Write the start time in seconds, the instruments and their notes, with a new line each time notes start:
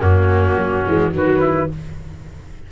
0.00 tuba F#2, viola A#3, trumpet C#4, flute F#4
0.57 tuba F#3
0.87 tuba E3, viola G#3
1.11 tuba D#3, viola F#3, trumpet F#4, flute B4
1.41 trumpet E4